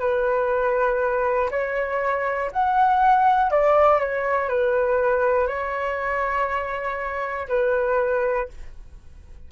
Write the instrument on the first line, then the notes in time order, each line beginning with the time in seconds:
flute
0.00 B4
1.51 C#5
2.52 F#5
3.51 D5
4.00 C#5
4.49 B4
5.47 C#5
7.48 B4